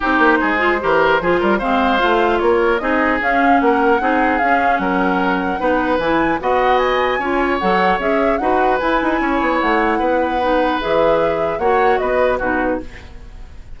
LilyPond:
<<
  \new Staff \with { instrumentName = "flute" } { \time 4/4 \tempo 4 = 150 c''1 | f''2 cis''4 dis''4 | f''4 fis''2 f''4 | fis''2. gis''4 |
fis''4 gis''2 fis''4 | e''4 fis''4 gis''2 | fis''2. e''4~ | e''4 fis''4 dis''4 b'4 | }
  \new Staff \with { instrumentName = "oboe" } { \time 4/4 g'4 gis'4 ais'4 gis'8 ais'8 | c''2 ais'4 gis'4~ | gis'4 ais'4 gis'2 | ais'2 b'2 |
dis''2 cis''2~ | cis''4 b'2 cis''4~ | cis''4 b'2.~ | b'4 cis''4 b'4 fis'4 | }
  \new Staff \with { instrumentName = "clarinet" } { \time 4/4 dis'4. f'8 g'4 f'4 | c'4 f'2 dis'4 | cis'2 dis'4 cis'4~ | cis'2 dis'4 e'4 |
fis'2 f'4 a'4 | gis'4 fis'4 e'2~ | e'2 dis'4 gis'4~ | gis'4 fis'2 dis'4 | }
  \new Staff \with { instrumentName = "bassoon" } { \time 4/4 c'8 ais8 gis4 e4 f8 g8 | gis4 a4 ais4 c'4 | cis'4 ais4 c'4 cis'4 | fis2 b4 e4 |
b2 cis'4 fis4 | cis'4 dis'4 e'8 dis'8 cis'8 b8 | a4 b2 e4~ | e4 ais4 b4 b,4 | }
>>